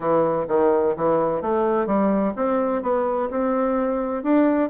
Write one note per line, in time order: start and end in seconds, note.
0.00 0.45 E3
0.48 0.95 D#3
0.96 1.41 E3
1.41 1.86 A3
1.86 2.33 G3
2.36 2.82 C4
2.82 3.29 B3
3.30 4.23 C4
4.23 4.69 D4